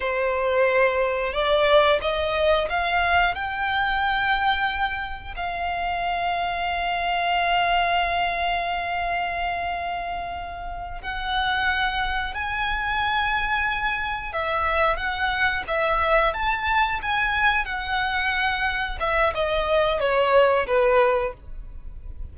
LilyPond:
\new Staff \with { instrumentName = "violin" } { \time 4/4 \tempo 4 = 90 c''2 d''4 dis''4 | f''4 g''2. | f''1~ | f''1~ |
f''8 fis''2 gis''4.~ | gis''4. e''4 fis''4 e''8~ | e''8 a''4 gis''4 fis''4.~ | fis''8 e''8 dis''4 cis''4 b'4 | }